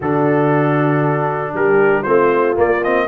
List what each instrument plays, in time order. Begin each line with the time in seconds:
0.00 tuba D3, trombone D4, horn F#4, trumpet A4
1.52 tuba G3, horn G4, trumpet A#4
2.03 tuba A3, trombone C4, horn F4, trumpet C5
2.55 trombone A#3, tuba A#3, trumpet D5
2.83 trombone C4, trumpet D#5